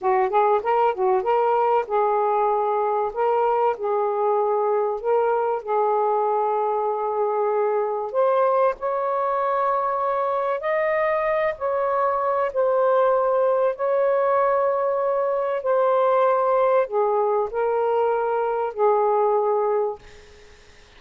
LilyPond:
\new Staff \with { instrumentName = "saxophone" } { \time 4/4 \tempo 4 = 96 fis'8 gis'8 ais'8 fis'8 ais'4 gis'4~ | gis'4 ais'4 gis'2 | ais'4 gis'2.~ | gis'4 c''4 cis''2~ |
cis''4 dis''4. cis''4. | c''2 cis''2~ | cis''4 c''2 gis'4 | ais'2 gis'2 | }